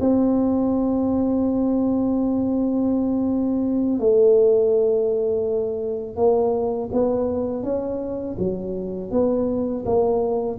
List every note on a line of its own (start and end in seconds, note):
0.00 4.00 C4
4.00 6.16 A3
6.16 6.89 A#3
6.92 7.63 B3
7.63 8.36 C#4
8.39 9.11 F#3
9.11 9.84 B3
9.85 10.59 A#3